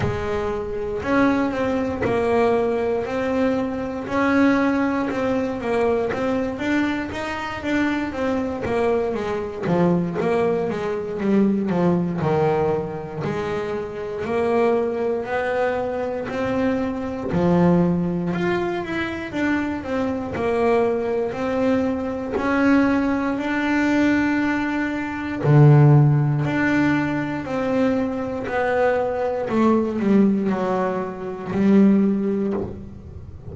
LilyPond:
\new Staff \with { instrumentName = "double bass" } { \time 4/4 \tempo 4 = 59 gis4 cis'8 c'8 ais4 c'4 | cis'4 c'8 ais8 c'8 d'8 dis'8 d'8 | c'8 ais8 gis8 f8 ais8 gis8 g8 f8 | dis4 gis4 ais4 b4 |
c'4 f4 f'8 e'8 d'8 c'8 | ais4 c'4 cis'4 d'4~ | d'4 d4 d'4 c'4 | b4 a8 g8 fis4 g4 | }